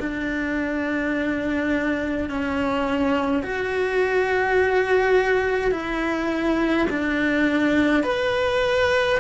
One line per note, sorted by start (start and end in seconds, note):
0.00 2.30 D4
2.30 3.44 C#4
3.44 5.72 F#4
5.72 6.88 E4
6.90 8.04 D4
8.04 9.19 B4